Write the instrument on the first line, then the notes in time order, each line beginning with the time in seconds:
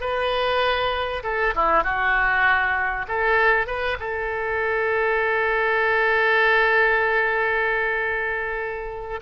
oboe
0.00 B4
1.23 A4
1.55 E4
1.83 F#4
3.08 A4
3.67 B4
3.99 A4